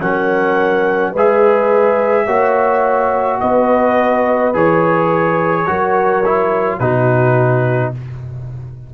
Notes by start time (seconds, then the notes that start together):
0.00 F#3 C#4 A#4 F#5
1.12 G#3 G#4 B4 E5
2.25 A#3 F#4 C#5
3.40 B3 B4 D#5
4.53 E3 G#4 C#5
5.66 F#3 F#4 A#4
6.25 E4
6.79 B2 D#4 F#4 B4